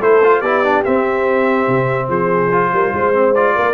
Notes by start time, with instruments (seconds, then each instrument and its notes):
0.00 tuba A3, trombone E4, horn A4, trumpet C5
0.24 trombone F4
0.39 tuba B3, trombone E4, horn G4, trumpet D5
0.64 trombone D4
0.84 trombone C4, tuba C4, trumpet E5
1.68 tuba C3
2.09 tuba F3, horn G#4, trumpet C5
2.52 trombone F4
2.72 tuba G3, horn A#4
2.94 tuba G#3, horn C5
3.14 trombone C4
3.35 trombone F4, trumpet D5
3.55 tuba A#3, horn A#4